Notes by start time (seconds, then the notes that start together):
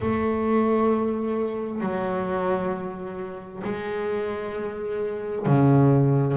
0.00 A3
1.80 F#3
3.64 G#3
5.45 C#3